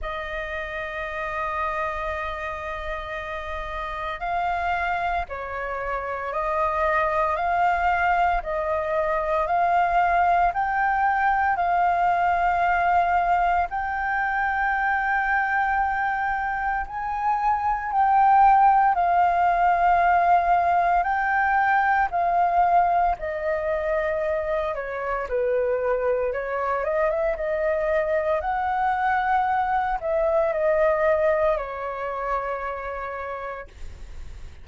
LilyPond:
\new Staff \with { instrumentName = "flute" } { \time 4/4 \tempo 4 = 57 dis''1 | f''4 cis''4 dis''4 f''4 | dis''4 f''4 g''4 f''4~ | f''4 g''2. |
gis''4 g''4 f''2 | g''4 f''4 dis''4. cis''8 | b'4 cis''8 dis''16 e''16 dis''4 fis''4~ | fis''8 e''8 dis''4 cis''2 | }